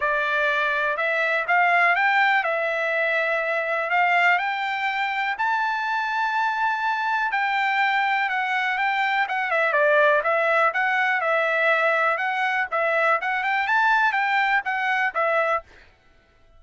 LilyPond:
\new Staff \with { instrumentName = "trumpet" } { \time 4/4 \tempo 4 = 123 d''2 e''4 f''4 | g''4 e''2. | f''4 g''2 a''4~ | a''2. g''4~ |
g''4 fis''4 g''4 fis''8 e''8 | d''4 e''4 fis''4 e''4~ | e''4 fis''4 e''4 fis''8 g''8 | a''4 g''4 fis''4 e''4 | }